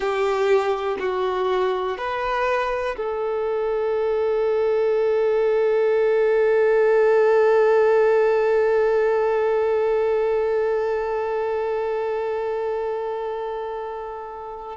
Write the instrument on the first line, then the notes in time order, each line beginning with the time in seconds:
violin
0.00 G4
0.99 F#4
1.97 B4
2.96 A4